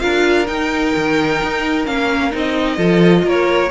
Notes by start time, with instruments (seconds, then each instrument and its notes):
0.00 cello D4, viola F4, violin A#4 F5
0.47 viola D#4, cello D#4, violin G5
0.96 cello D#3
1.43 cello D#4
1.85 cello A#3, viola C#4, violin F5
2.31 cello C4, viola D#4
2.37 violin D#5
2.76 cello F3, viola F4, violin A4
3.24 cello A#3, violin A#4 C#5